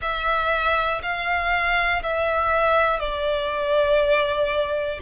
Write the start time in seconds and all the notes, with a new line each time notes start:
0.01 E5
1.02 F5
2.02 E5
2.99 D5